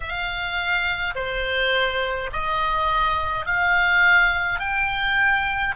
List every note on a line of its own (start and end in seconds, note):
0.00 1.14 F5
1.15 2.30 C5
2.32 3.46 D#5
3.46 4.59 F5
4.59 5.75 G5